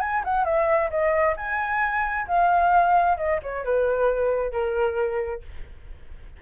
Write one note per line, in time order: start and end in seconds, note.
0.00 0.23 G#5
0.24 0.44 F#5
0.44 0.89 E5
0.90 1.35 D#5
1.36 2.26 G#5
2.27 3.17 F5
3.17 3.40 D#5
3.42 3.64 C#5
3.64 4.51 B4
4.51 5.41 A#4